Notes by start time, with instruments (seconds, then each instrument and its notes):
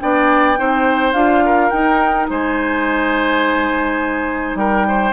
0.00 bassoon B3, clarinet D4, oboe D5, flute G5
0.57 bassoon C4, clarinet D#4, oboe C5
1.13 bassoon D4, clarinet F4, flute F5
1.45 oboe A#4
1.70 clarinet D#4, bassoon D#4, flute G5
2.30 bassoon G#3, oboe C5, flute G#5
4.55 bassoon G3, oboe A#4, flute G5
4.88 oboe C5